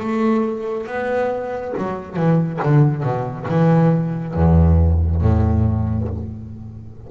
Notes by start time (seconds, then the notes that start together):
0.00 A3
0.87 B3
1.77 F#3
2.16 E3
2.62 D3
3.03 B2
3.48 E3
4.34 E2
5.21 A2